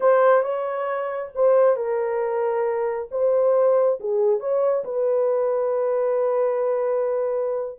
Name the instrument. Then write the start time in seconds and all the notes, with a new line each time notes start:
horn
0.00 C5
0.42 C#5
1.35 C5
1.76 A#4
3.11 C5
3.99 G#4
4.40 C#5
4.84 B4